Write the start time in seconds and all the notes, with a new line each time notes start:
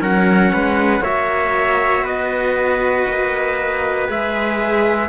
0.00 F#3 C#4 A#4 F#5
0.53 G#3 B4
1.00 A#3 F#4 C#5 E5
2.02 B3 B4 D#5
3.07 A#3
4.08 G#3 G#4 E5